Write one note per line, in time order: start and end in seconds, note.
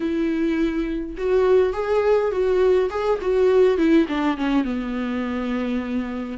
0.00 1.15 E4
1.17 1.73 F#4
1.73 2.31 G#4
2.31 2.89 F#4
2.90 3.19 G#4
3.21 3.77 F#4
3.77 4.06 E4
4.08 4.37 D4
4.37 4.64 C#4
4.64 6.38 B3